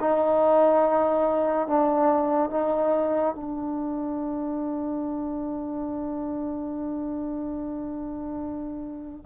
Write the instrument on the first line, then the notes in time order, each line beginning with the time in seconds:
trombone
0.00 D#4
1.67 D4
2.50 D#4
3.35 D4